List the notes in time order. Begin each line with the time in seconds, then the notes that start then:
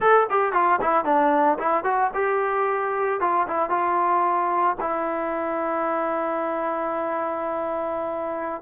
0.00 A4
0.30 G4
0.53 F4
0.81 E4
1.04 D4
1.59 E4
1.84 F#4
2.14 G4
3.20 F4
3.47 E4
3.69 F4
4.80 E4